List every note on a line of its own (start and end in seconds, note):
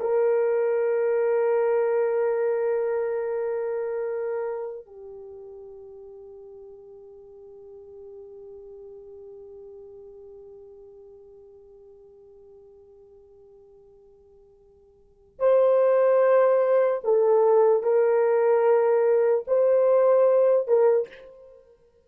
0.00 4.86 A#4
4.86 15.39 G4
15.39 17.01 C5
17.04 17.83 A4
17.83 19.45 A#4
19.47 20.67 C5
20.67 21.08 A#4